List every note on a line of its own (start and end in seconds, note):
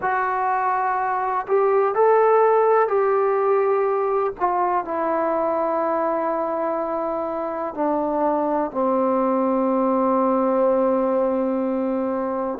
0.01 1.46 F#4
1.47 1.94 G4
1.94 2.88 A4
2.88 4.33 G4
4.39 4.84 F4
4.84 7.74 E4
7.74 8.71 D4
8.71 12.58 C4